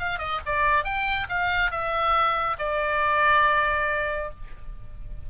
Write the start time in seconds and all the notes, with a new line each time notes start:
0.00 F5
0.19 D#5
0.46 D5
0.85 G5
1.30 F5
1.71 E5
2.59 D5